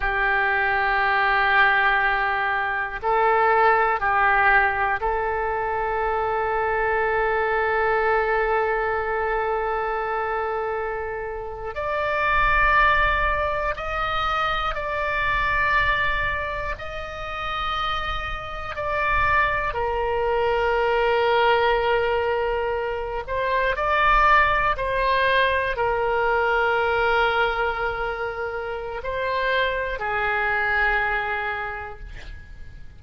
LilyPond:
\new Staff \with { instrumentName = "oboe" } { \time 4/4 \tempo 4 = 60 g'2. a'4 | g'4 a'2.~ | a'2.~ a'8. d''16~ | d''4.~ d''16 dis''4 d''4~ d''16~ |
d''8. dis''2 d''4 ais'16~ | ais'2.~ ais'16 c''8 d''16~ | d''8. c''4 ais'2~ ais'16~ | ais'4 c''4 gis'2 | }